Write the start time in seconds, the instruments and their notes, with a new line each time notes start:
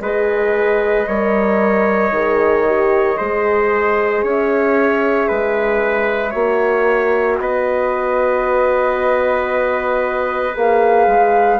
0.00 bassoon G#3, horn G#4, trumpet B4, flute D#5
1.07 bassoon G3, horn A#4, trumpet C#5
2.11 bassoon D#3, horn G#4
2.66 horn G4
3.16 bassoon G#3, horn G#4, trumpet C5
4.22 bassoon C#4, trumpet C#5, flute E5
5.27 bassoon G#3, trumpet B4
6.30 bassoon A#3, horn F#4, trumpet C#5
7.39 bassoon B3, trumpet B4, flute D#5
10.54 bassoon A#3, horn G#4, flute F5
11.06 bassoon G#3